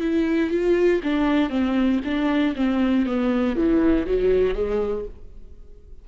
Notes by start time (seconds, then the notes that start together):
0.00 E4
0.50 F4
1.03 D4
1.49 C4
2.04 D4
2.55 C4
3.05 B3
3.56 E3
4.06 F#3
4.54 G#3